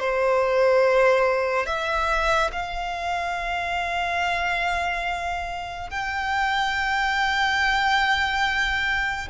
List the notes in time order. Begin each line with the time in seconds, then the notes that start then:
0.00 C5
1.66 E5
2.53 F5
5.91 G5